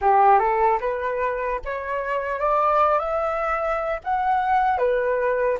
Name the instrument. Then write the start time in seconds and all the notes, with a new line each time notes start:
flute
0.01 G4
0.39 A4
0.80 B4
1.64 C#5
2.39 D5
2.99 E5
4.04 F#5
4.77 B4